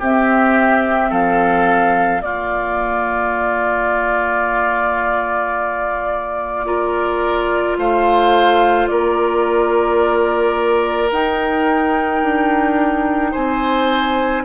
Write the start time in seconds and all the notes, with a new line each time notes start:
0.00 C4 G4 E5
1.10 F3 A4 F5
2.21 A#3 F4 D5
6.65 F4 A#4
7.77 A3 C5 F5
8.88 A#3 A#4 D5
11.11 D#4 G5
12.22 D4
13.32 C4 C5 G#5